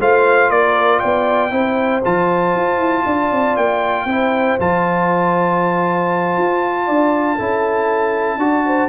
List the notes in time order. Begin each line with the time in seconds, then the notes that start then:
0.00 A3 F4 C5 F5
0.50 A#3 A#4 D5
1.00 B3 D5 G5
1.51 C4 E4 C5
2.05 F3 F4 A5
2.56 F4
2.78 E4
3.07 D4 D5
3.32 C4
3.57 A#3 G5
4.06 C4 E4 C5
4.59 F3 F4 A5
6.38 F4
6.86 D4 D5
7.36 C#4 E4 A4
8.38 D4 F#4 D5
8.67 C5